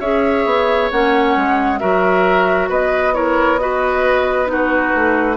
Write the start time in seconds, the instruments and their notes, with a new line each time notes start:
0.00 bassoon C#4, clarinet G#4, oboe C#5, flute E5
0.46 bassoon B3
0.91 bassoon A#3, clarinet C#4, flute F#5
1.36 bassoon G#3
1.79 bassoon F#3, clarinet F#4, oboe A#4, flute E5
2.69 bassoon B3, oboe B4, flute D#5
3.14 clarinet E4, oboe A#4, flute C#5
3.59 clarinet F#4, oboe B4, flute D#5
4.46 clarinet D#4, oboe F#4, flute B4
4.95 bassoon A3